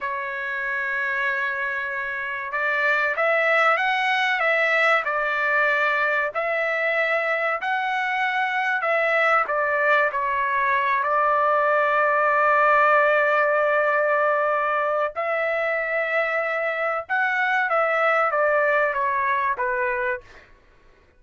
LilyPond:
\new Staff \with { instrumentName = "trumpet" } { \time 4/4 \tempo 4 = 95 cis''1 | d''4 e''4 fis''4 e''4 | d''2 e''2 | fis''2 e''4 d''4 |
cis''4. d''2~ d''8~ | d''1 | e''2. fis''4 | e''4 d''4 cis''4 b'4 | }